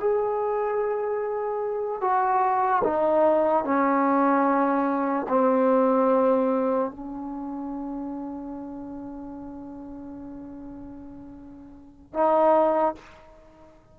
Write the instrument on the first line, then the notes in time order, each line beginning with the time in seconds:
trombone
0.00 G#4
2.02 F#4
2.85 D#4
3.65 C#4
5.29 C4
6.91 C#4
12.14 D#4